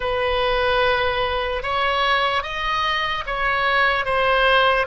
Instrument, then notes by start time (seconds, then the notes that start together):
oboe
0.00 B4
1.63 C#5
2.43 D#5
3.26 C#5
4.05 C5